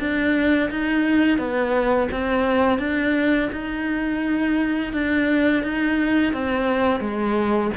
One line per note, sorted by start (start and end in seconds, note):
0.00 0.71 D4
0.71 1.39 D#4
1.39 2.09 B3
2.12 2.79 C4
2.79 3.50 D4
3.53 4.93 D#4
4.93 5.64 D4
5.64 6.33 D#4
6.33 7.01 C4
7.01 7.71 G#3